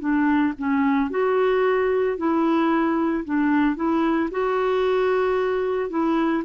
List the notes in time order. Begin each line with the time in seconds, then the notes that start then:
0.00 D4
0.58 C#4
1.10 F#4
2.17 E4
3.25 D4
3.76 E4
4.31 F#4
5.90 E4